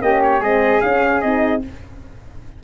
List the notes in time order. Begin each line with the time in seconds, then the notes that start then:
0.00 A#3 C#4 G4 D#5
0.22 C#5
0.40 G#3 C4 G#4 D#5
0.80 C#4 F5
1.21 C4 D#4 D#5